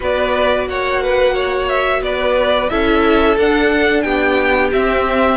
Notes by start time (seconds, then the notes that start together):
0.00 B3 F#4 B4 D5
0.67 A#3 C#5 F#5
1.02 B4
1.34 C#5
1.68 E5
2.01 B3 B4 D5
2.69 C#4 E4 A4 E5
3.36 D4 F#5
4.01 B3 G4 G5
4.72 C4 E5